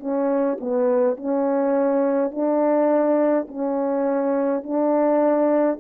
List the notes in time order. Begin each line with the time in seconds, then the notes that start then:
0.00 C#4
0.60 B3
1.17 C#4
2.32 D4
3.48 C#4
4.64 D4